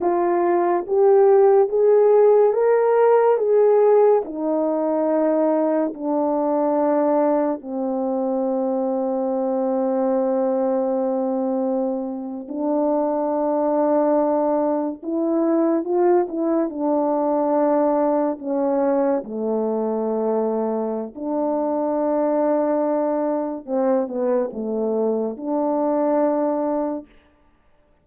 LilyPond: \new Staff \with { instrumentName = "horn" } { \time 4/4 \tempo 4 = 71 f'4 g'4 gis'4 ais'4 | gis'4 dis'2 d'4~ | d'4 c'2.~ | c'2~ c'8. d'4~ d'16~ |
d'4.~ d'16 e'4 f'8 e'8 d'16~ | d'4.~ d'16 cis'4 a4~ a16~ | a4 d'2. | c'8 b8 a4 d'2 | }